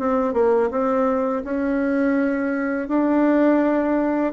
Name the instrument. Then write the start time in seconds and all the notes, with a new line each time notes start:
bassoon
0.00 C4
0.34 A#3
0.71 C4
1.45 C#4
2.89 D4